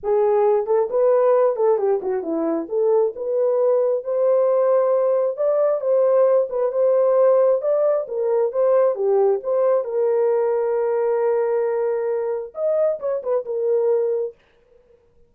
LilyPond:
\new Staff \with { instrumentName = "horn" } { \time 4/4 \tempo 4 = 134 gis'4. a'8 b'4. a'8 | g'8 fis'8 e'4 a'4 b'4~ | b'4 c''2. | d''4 c''4. b'8 c''4~ |
c''4 d''4 ais'4 c''4 | g'4 c''4 ais'2~ | ais'1 | dis''4 cis''8 b'8 ais'2 | }